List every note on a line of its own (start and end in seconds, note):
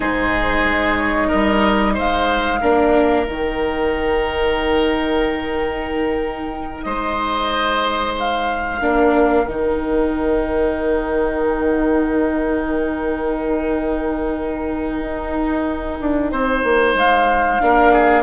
0.00 0.64 G#2
0.00 2.60 D#4
0.00 1.28 G#4
0.00 0.97 C5
0.64 1.29 G#3
0.97 1.29 C#5
1.28 1.98 G3
1.28 1.93 A#4
1.28 1.94 D#5
1.94 2.62 G#3
1.94 2.59 C5
1.94 3.27 F5
2.60 3.27 A#3
2.60 3.25 D4
2.60 6.84 A#4
3.25 6.85 D#3
3.25 8.80 D#4
3.25 6.82 G5
6.82 8.80 G#3
6.82 8.81 C5
6.82 8.12 D#5
8.19 9.46 F5
8.81 9.46 A#3
8.81 9.46 D4
8.81 16.31 A#4
9.46 15.00 D#3
9.46 17.60 D#4
9.46 16.96 G5
15.00 15.98 D#4
16.00 16.32 D4
16.31 16.63 C4
16.31 17.61 C5
16.63 16.94 A#3
16.94 17.59 G#3
16.94 18.23 F5
17.60 18.23 A#3
17.60 18.23 D4
17.60 17.93 A#4
17.93 18.23 G#4